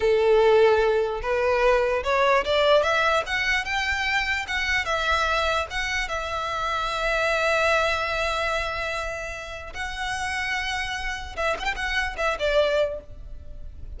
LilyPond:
\new Staff \with { instrumentName = "violin" } { \time 4/4 \tempo 4 = 148 a'2. b'4~ | b'4 cis''4 d''4 e''4 | fis''4 g''2 fis''4 | e''2 fis''4 e''4~ |
e''1~ | e''1 | fis''1 | e''8 fis''16 g''16 fis''4 e''8 d''4. | }